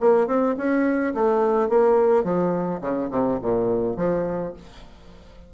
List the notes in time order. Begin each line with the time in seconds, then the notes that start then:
0.00 A#3
0.27 C4
0.57 C#4
1.14 A3
1.69 A#3
2.24 F3
2.81 C#3
3.10 C3
3.42 A#2
3.96 F3